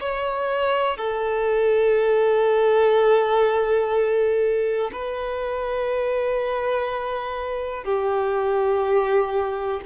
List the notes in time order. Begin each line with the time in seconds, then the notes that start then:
0.00 C#5
0.97 A4
4.92 B4
7.84 G4